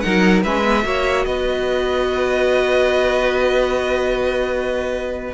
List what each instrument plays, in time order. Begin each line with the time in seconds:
0.00 cello F#3, viola D#4, violin A#4 F#5
0.43 cello G#3, viola C#4, violin B4 E5
0.63 viola B3
0.83 cello A#3, viola F#4, violin C#5
1.25 cello B3, violin B4 D#5